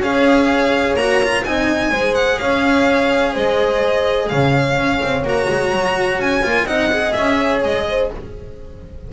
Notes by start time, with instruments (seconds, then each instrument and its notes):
0.00 double bass C#4, cello G#4, horn C#5, violin F5
0.94 double bass A#3, cello F#4, violin A#5
1.23 cello F4
1.44 double bass C4, cello D#4, horn D#5, violin G#5
1.91 double bass G#3, cello G#4, horn C5
2.15 violin F#5
2.38 double bass C#4, horn C#5, violin F5
3.33 double bass G#3, horn C5, violin D#5
4.29 double bass C#3, horn C#5, violin F5
4.77 double bass C#4
5.03 double bass C4
5.23 double bass A#3, cello F#4, violin A#5
5.50 double bass G#3
5.72 double bass F#3
6.18 double bass C#4, violin G#5
6.43 double bass A#3, cello F4
6.64 double bass C4, cello D#4, horn D#5, violin F#5
6.92 cello G#4
7.13 double bass C#4, violin E5
7.38 horn C#5
7.64 double bass G#3, violin D#5
7.89 horn C5